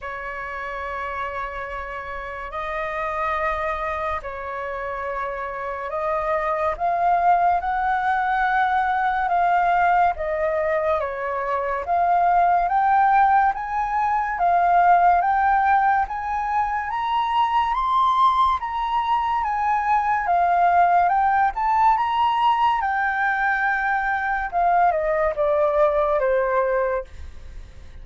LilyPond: \new Staff \with { instrumentName = "flute" } { \time 4/4 \tempo 4 = 71 cis''2. dis''4~ | dis''4 cis''2 dis''4 | f''4 fis''2 f''4 | dis''4 cis''4 f''4 g''4 |
gis''4 f''4 g''4 gis''4 | ais''4 c'''4 ais''4 gis''4 | f''4 g''8 a''8 ais''4 g''4~ | g''4 f''8 dis''8 d''4 c''4 | }